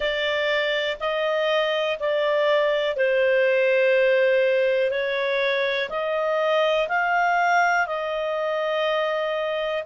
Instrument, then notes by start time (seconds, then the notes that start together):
clarinet
0.00 D5
1.00 D#5
1.99 D5
2.96 C5
4.90 C#5
5.89 D#5
6.88 F5
7.86 D#5